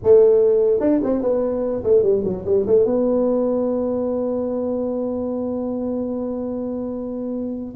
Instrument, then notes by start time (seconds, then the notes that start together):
tuba
0.03 A3
0.80 D4
1.03 C4
1.22 B3
1.83 A3
2.03 G3
2.24 F#3
2.45 G3
2.66 A3
2.85 B3